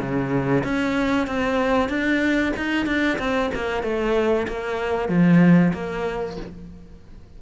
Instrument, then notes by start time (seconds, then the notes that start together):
cello
0.00 C#3
0.64 C#4
1.28 C4
1.89 D4
2.57 D#4
2.86 D4
3.19 C4
3.55 A#3
3.84 A3
4.48 A#3
5.09 F3
5.74 A#3